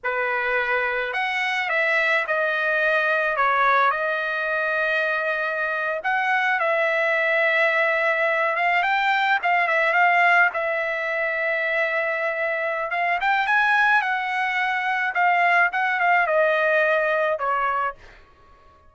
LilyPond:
\new Staff \with { instrumentName = "trumpet" } { \time 4/4 \tempo 4 = 107 b'2 fis''4 e''4 | dis''2 cis''4 dis''4~ | dis''2~ dis''8. fis''4 e''16~ | e''2.~ e''16 f''8 g''16~ |
g''8. f''8 e''8 f''4 e''4~ e''16~ | e''2. f''8 g''8 | gis''4 fis''2 f''4 | fis''8 f''8 dis''2 cis''4 | }